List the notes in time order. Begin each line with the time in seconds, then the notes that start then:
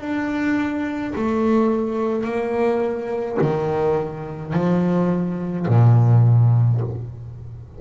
0.00 D4
1.15 A3
2.24 A#3
3.41 D#3
4.53 F3
5.68 A#2